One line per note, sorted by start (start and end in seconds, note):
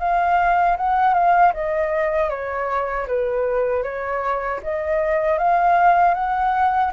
0.00 0.77 F5
0.78 1.14 F#5
1.14 1.53 F5
1.54 2.30 D#5
2.30 3.07 C#5
3.08 3.84 B4
3.84 4.60 C#5
4.64 5.39 D#5
5.39 6.15 F5
6.15 6.92 F#5